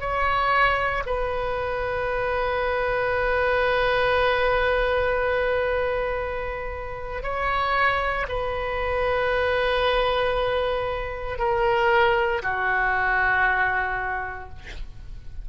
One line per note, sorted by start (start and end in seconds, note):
0.00 1.03 C#5
1.06 7.23 B4
7.23 8.26 C#5
8.28 11.38 B4
11.38 12.42 A#4
12.42 14.49 F#4